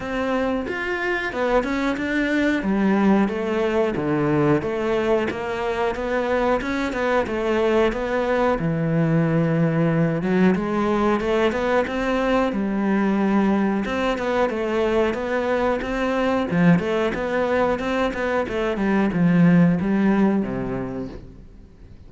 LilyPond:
\new Staff \with { instrumentName = "cello" } { \time 4/4 \tempo 4 = 91 c'4 f'4 b8 cis'8 d'4 | g4 a4 d4 a4 | ais4 b4 cis'8 b8 a4 | b4 e2~ e8 fis8 |
gis4 a8 b8 c'4 g4~ | g4 c'8 b8 a4 b4 | c'4 f8 a8 b4 c'8 b8 | a8 g8 f4 g4 c4 | }